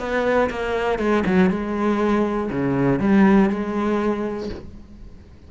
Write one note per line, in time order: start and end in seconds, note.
0.00 0.50 B3
0.51 0.99 A#3
0.99 1.24 G#3
1.26 1.51 F#3
1.51 2.51 G#3
2.51 3.00 C#3
3.00 3.50 G3
3.50 4.50 G#3